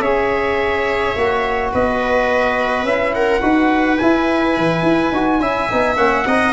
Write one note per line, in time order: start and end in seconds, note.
0.00 1.13 C#4
0.00 1.17 G#4
0.00 1.71 C#5
0.00 1.71 E5
1.16 1.73 A#3
1.16 2.87 F#4
1.72 2.83 B3
1.72 3.14 B4
1.72 2.85 D#5
2.83 3.40 C#4
2.83 3.42 E4
2.83 3.14 E5
3.14 3.42 A#4
3.14 3.98 F#5
3.42 3.99 D#4
3.42 3.98 F#4
3.42 5.40 B4
3.98 4.57 E4
3.98 5.14 E4
3.98 5.96 G#5
4.57 4.82 E3
4.82 5.11 E4
5.11 5.40 D#4
5.11 5.41 F#4
5.40 5.68 C#4
5.40 5.69 E4
5.40 6.25 E5
5.69 5.97 B3
5.69 5.96 D#4
5.96 6.25 A#3
5.96 6.25 C#4
5.96 6.52 F#5
6.26 6.52 C4
6.26 6.52 D#4
6.26 6.52 D#5